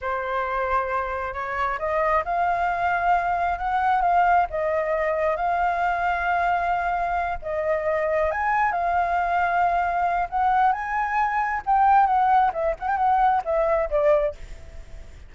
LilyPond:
\new Staff \with { instrumentName = "flute" } { \time 4/4 \tempo 4 = 134 c''2. cis''4 | dis''4 f''2. | fis''4 f''4 dis''2 | f''1~ |
f''8 dis''2 gis''4 f''8~ | f''2. fis''4 | gis''2 g''4 fis''4 | e''8 fis''16 g''16 fis''4 e''4 d''4 | }